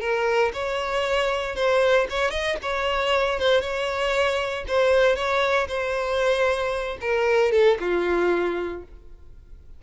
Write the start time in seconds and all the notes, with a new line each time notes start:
0.00 A#4
0.53 C#5
1.55 C5
2.10 C#5
2.30 D#5
2.62 C#5
3.39 C5
3.61 C#5
4.68 C5
5.16 C#5
5.68 C5
7.01 A#4
7.52 A4
7.80 F4